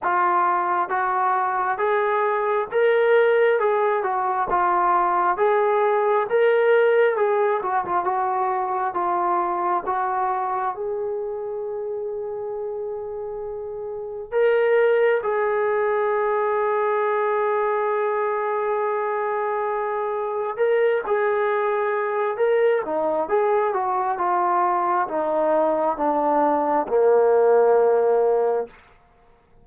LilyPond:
\new Staff \with { instrumentName = "trombone" } { \time 4/4 \tempo 4 = 67 f'4 fis'4 gis'4 ais'4 | gis'8 fis'8 f'4 gis'4 ais'4 | gis'8 fis'16 f'16 fis'4 f'4 fis'4 | gis'1 |
ais'4 gis'2.~ | gis'2. ais'8 gis'8~ | gis'4 ais'8 dis'8 gis'8 fis'8 f'4 | dis'4 d'4 ais2 | }